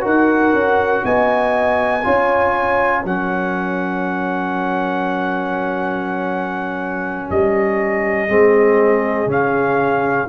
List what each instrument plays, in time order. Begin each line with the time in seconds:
0.00 tuba D#4, trombone F#4, horn A#4, trumpet F#5
0.53 tuba C#4
1.04 tuba B3, horn D#5, trumpet G#5
2.03 tuba C#4, trombone F4, horn C#5
3.03 tuba F#3, trombone C#4, horn A#4, trumpet F#5
7.30 tuba G3, trumpet D#5
8.28 tuba G#3, trombone C4, horn G#4
9.26 tuba C#3, trombone C#4, trumpet F5